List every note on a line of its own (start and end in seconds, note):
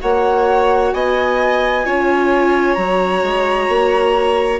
0.00 0.93 A#3
0.00 1.85 F#4
0.00 0.94 C#5
0.00 0.93 F#5
0.93 1.85 B3
0.93 1.85 D#5
0.93 2.74 G#5
1.85 2.77 C#4
1.85 2.77 F4
1.85 4.59 C#5
2.74 3.22 F#3
2.74 4.59 F#4
2.74 4.58 A#5
3.22 3.68 G#3
3.68 4.59 A#3